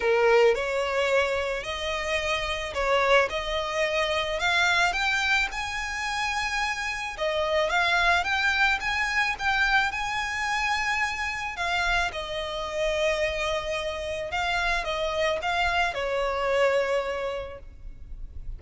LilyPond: \new Staff \with { instrumentName = "violin" } { \time 4/4 \tempo 4 = 109 ais'4 cis''2 dis''4~ | dis''4 cis''4 dis''2 | f''4 g''4 gis''2~ | gis''4 dis''4 f''4 g''4 |
gis''4 g''4 gis''2~ | gis''4 f''4 dis''2~ | dis''2 f''4 dis''4 | f''4 cis''2. | }